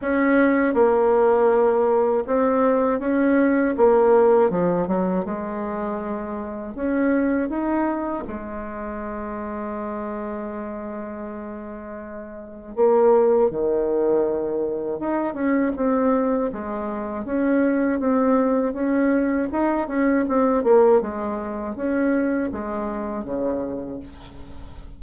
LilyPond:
\new Staff \with { instrumentName = "bassoon" } { \time 4/4 \tempo 4 = 80 cis'4 ais2 c'4 | cis'4 ais4 f8 fis8 gis4~ | gis4 cis'4 dis'4 gis4~ | gis1~ |
gis4 ais4 dis2 | dis'8 cis'8 c'4 gis4 cis'4 | c'4 cis'4 dis'8 cis'8 c'8 ais8 | gis4 cis'4 gis4 cis4 | }